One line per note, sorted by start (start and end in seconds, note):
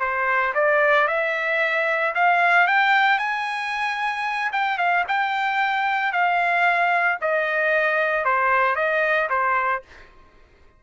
0.00 0.53 C5
0.54 1.07 D5
1.08 2.14 E5
2.15 2.67 F5
2.67 3.19 G5
3.19 4.51 G#5
4.53 4.78 G5
4.78 5.04 F5
5.08 6.12 G5
6.12 7.19 F5
7.21 8.25 D#5
8.25 8.76 C5
8.76 9.29 D#5
9.29 9.83 C5